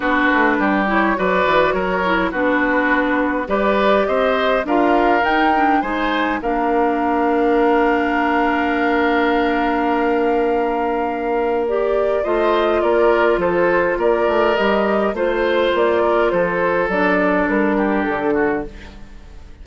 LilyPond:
<<
  \new Staff \with { instrumentName = "flute" } { \time 4/4 \tempo 4 = 103 b'4. cis''8 d''4 cis''4 | b'2 d''4 dis''4 | f''4 g''4 gis''4 f''4~ | f''1~ |
f''1 | d''4 dis''4 d''4 c''4 | d''4 dis''4 c''4 d''4 | c''4 d''4 ais'4 a'4 | }
  \new Staff \with { instrumentName = "oboe" } { \time 4/4 fis'4 g'4 b'4 ais'4 | fis'2 b'4 c''4 | ais'2 c''4 ais'4~ | ais'1~ |
ais'1~ | ais'4 c''4 ais'4 a'4 | ais'2 c''4. ais'8 | a'2~ a'8 g'4 fis'8 | }
  \new Staff \with { instrumentName = "clarinet" } { \time 4/4 d'4. e'8 fis'4. e'8 | d'2 g'2 | f'4 dis'8 d'8 dis'4 d'4~ | d'1~ |
d'1 | g'4 f'2.~ | f'4 g'4 f'2~ | f'4 d'2. | }
  \new Staff \with { instrumentName = "bassoon" } { \time 4/4 b8 a8 g4 fis8 e8 fis4 | b2 g4 c'4 | d'4 dis'4 gis4 ais4~ | ais1~ |
ais1~ | ais4 a4 ais4 f4 | ais8 a8 g4 a4 ais4 | f4 fis4 g4 d4 | }
>>